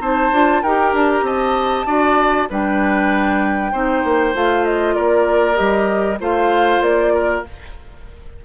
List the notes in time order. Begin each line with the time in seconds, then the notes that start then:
0.00 C4 D#4 C5 A5
0.31 D4 F4
0.62 D#4 G4 A#4 G5
0.93 D4 A5
1.12 A#5
1.22 C4 D#5 A5
1.86 D4 F#4 D5
2.50 G3 D4 B4 G5
3.72 C4 D#4 C5
4.04 A#3
4.34 A3 F4 F5
4.64 D#5
4.94 A#3 A#4 D5
5.55 G3 G4 D#5
6.20 A3 F4 C5 F5
6.81 A#3 D5
7.14 A#4